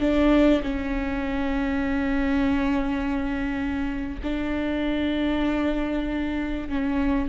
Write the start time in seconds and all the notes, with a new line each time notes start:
0.00 D4
0.63 C#4
4.23 D4
6.69 C#4